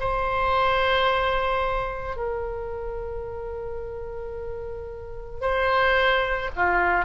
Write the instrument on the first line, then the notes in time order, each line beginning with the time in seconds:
oboe
0.00 C5
2.16 A#4
5.41 C5
6.56 F4